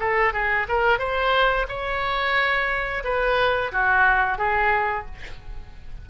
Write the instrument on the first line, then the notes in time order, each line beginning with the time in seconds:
oboe
0.00 A4
0.33 G#4
0.69 A#4
0.99 C5
1.69 C#5
3.04 B4
3.72 F#4
4.39 G#4